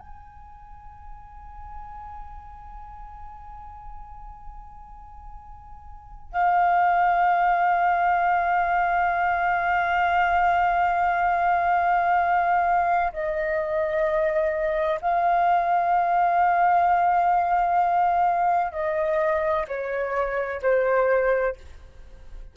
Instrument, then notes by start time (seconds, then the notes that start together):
flute
0.00 G#5
6.32 F5
13.13 D#5
15.02 F5
18.72 D#5
19.68 C#5
20.62 C5